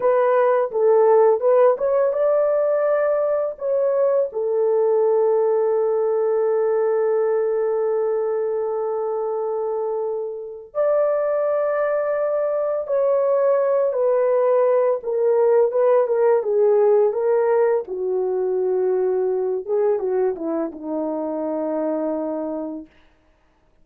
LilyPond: \new Staff \with { instrumentName = "horn" } { \time 4/4 \tempo 4 = 84 b'4 a'4 b'8 cis''8 d''4~ | d''4 cis''4 a'2~ | a'1~ | a'2. d''4~ |
d''2 cis''4. b'8~ | b'4 ais'4 b'8 ais'8 gis'4 | ais'4 fis'2~ fis'8 gis'8 | fis'8 e'8 dis'2. | }